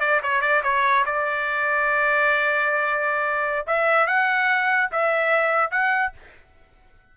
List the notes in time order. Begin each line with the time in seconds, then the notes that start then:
0.00 D5
0.23 C#5
0.41 D5
0.63 C#5
1.06 D5
3.67 E5
4.07 F#5
4.91 E5
5.71 F#5